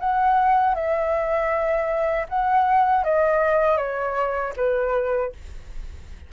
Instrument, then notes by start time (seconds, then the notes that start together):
flute
0.00 F#5
0.75 E5
2.29 F#5
3.04 D#5
3.77 C#5
4.56 B4